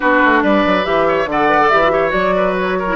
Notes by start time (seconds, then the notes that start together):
0.00 B3 D4 F#4 B4
0.24 A3
0.42 G3 B4 D5
0.65 F#3
0.83 E3 G4 E5
1.07 C#5
1.25 D3 A4 D5 F#5
1.49 B4
1.60 A4
1.68 E3 G4 E5
1.82 F#4
1.90 G4 C#5
2.08 F#3 F#4 D5
2.35 B4
2.57 C#5
2.78 A#4
2.88 E4